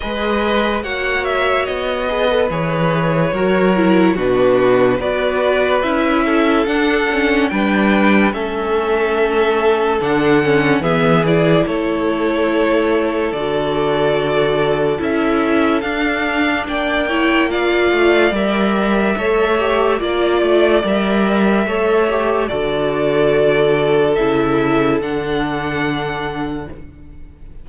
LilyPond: <<
  \new Staff \with { instrumentName = "violin" } { \time 4/4 \tempo 4 = 72 dis''4 fis''8 e''8 dis''4 cis''4~ | cis''4 b'4 d''4 e''4 | fis''4 g''4 e''2 | fis''4 e''8 d''8 cis''2 |
d''2 e''4 f''4 | g''4 f''4 e''2 | d''4 e''2 d''4~ | d''4 e''4 fis''2 | }
  \new Staff \with { instrumentName = "violin" } { \time 4/4 b'4 cis''4. b'4. | ais'4 fis'4 b'4. a'8~ | a'4 b'4 a'2~ | a'4 gis'4 a'2~ |
a'1 | d''8 cis''8 d''2 cis''4 | d''2 cis''4 a'4~ | a'1 | }
  \new Staff \with { instrumentName = "viola" } { \time 4/4 gis'4 fis'4. gis'16 a'16 gis'4 | fis'8 e'8 d'4 fis'4 e'4 | d'8 cis'8 d'4 cis'2 | d'8 cis'8 b8 e'2~ e'8 |
fis'2 e'4 d'4~ | d'8 e'8 f'4 ais'4 a'8 g'8 | f'4 ais'4 a'8 g'8 fis'4~ | fis'4 e'4 d'2 | }
  \new Staff \with { instrumentName = "cello" } { \time 4/4 gis4 ais4 b4 e4 | fis4 b,4 b4 cis'4 | d'4 g4 a2 | d4 e4 a2 |
d2 cis'4 d'4 | ais4. a8 g4 a4 | ais8 a8 g4 a4 d4~ | d4 cis4 d2 | }
>>